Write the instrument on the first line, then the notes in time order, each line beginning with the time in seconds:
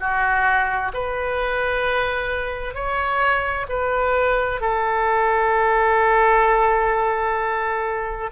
oboe
0.00 F#4
0.94 B4
2.74 C#5
3.69 B4
4.61 A4